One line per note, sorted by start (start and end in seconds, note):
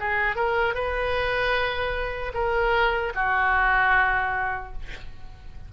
0.00 0.36 G#4
0.36 0.75 A#4
0.75 2.33 B4
2.34 3.13 A#4
3.15 4.73 F#4